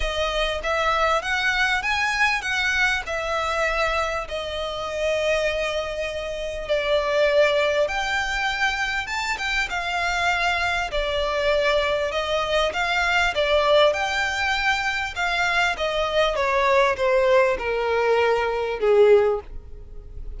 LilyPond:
\new Staff \with { instrumentName = "violin" } { \time 4/4 \tempo 4 = 99 dis''4 e''4 fis''4 gis''4 | fis''4 e''2 dis''4~ | dis''2. d''4~ | d''4 g''2 a''8 g''8 |
f''2 d''2 | dis''4 f''4 d''4 g''4~ | g''4 f''4 dis''4 cis''4 | c''4 ais'2 gis'4 | }